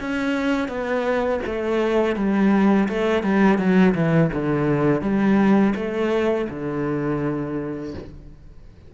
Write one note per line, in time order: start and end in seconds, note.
0.00 0.68 C#4
0.68 1.40 B3
1.46 2.16 A3
2.16 2.88 G3
2.88 3.23 A3
3.23 3.58 G3
3.58 3.94 F#3
3.95 4.31 E3
4.33 5.01 D3
5.01 5.74 G3
5.75 6.48 A3
6.50 7.94 D3